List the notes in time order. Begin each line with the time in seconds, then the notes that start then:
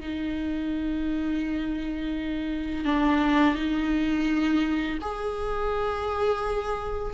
0.00 D#4
2.85 D4
3.55 D#4
5.01 G#4